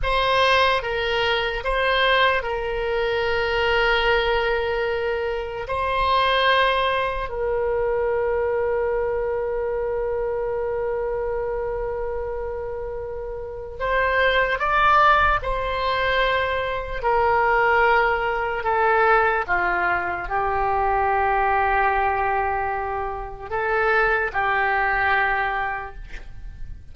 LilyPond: \new Staff \with { instrumentName = "oboe" } { \time 4/4 \tempo 4 = 74 c''4 ais'4 c''4 ais'4~ | ais'2. c''4~ | c''4 ais'2.~ | ais'1~ |
ais'4 c''4 d''4 c''4~ | c''4 ais'2 a'4 | f'4 g'2.~ | g'4 a'4 g'2 | }